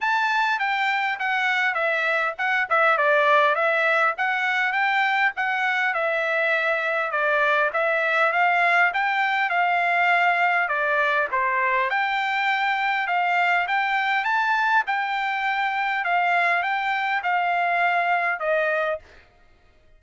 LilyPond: \new Staff \with { instrumentName = "trumpet" } { \time 4/4 \tempo 4 = 101 a''4 g''4 fis''4 e''4 | fis''8 e''8 d''4 e''4 fis''4 | g''4 fis''4 e''2 | d''4 e''4 f''4 g''4 |
f''2 d''4 c''4 | g''2 f''4 g''4 | a''4 g''2 f''4 | g''4 f''2 dis''4 | }